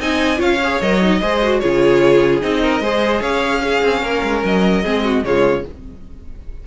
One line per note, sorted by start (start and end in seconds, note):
0.00 0.40 C4
0.00 0.37 D#4
0.00 0.39 D#5
0.00 0.42 G#5
0.37 0.81 C#4
0.37 0.57 F4
0.37 1.20 C#5
0.37 0.81 F5
0.64 0.82 G#4
0.81 1.22 F#3
0.81 1.02 A#4
0.81 1.60 D#5
1.02 1.22 D#4
1.21 1.63 G#3
1.21 1.42 G#4
1.21 1.61 C5
1.44 1.63 F#4
1.60 2.43 C#3
1.60 2.42 F4
1.60 2.63 G#4
1.60 2.40 C#5
2.42 2.81 C4
2.42 2.82 D#4
2.42 3.22 D#5
2.63 2.83 A#4
2.81 3.21 G#3
2.81 3.63 G#4
2.81 3.22 C5
3.22 3.82 C#4
3.22 3.62 C#5
3.22 4.43 F5
3.63 4.84 C#4
3.63 4.03 G#4
3.82 4.03 C4
4.03 4.23 A#3
4.03 4.84 A#4
4.23 4.43 G#3
4.45 4.85 F#3
4.45 5.25 D#5
4.84 5.24 G#3
4.84 5.24 C4
4.84 5.04 G#4
5.04 5.24 F#4
5.24 5.64 C#3
5.24 5.66 G#3
5.24 5.67 F4
5.24 5.65 C#5